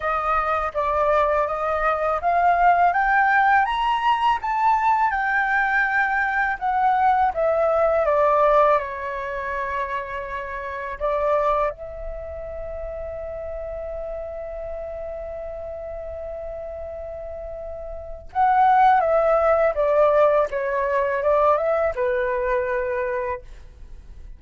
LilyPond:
\new Staff \with { instrumentName = "flute" } { \time 4/4 \tempo 4 = 82 dis''4 d''4 dis''4 f''4 | g''4 ais''4 a''4 g''4~ | g''4 fis''4 e''4 d''4 | cis''2. d''4 |
e''1~ | e''1~ | e''4 fis''4 e''4 d''4 | cis''4 d''8 e''8 b'2 | }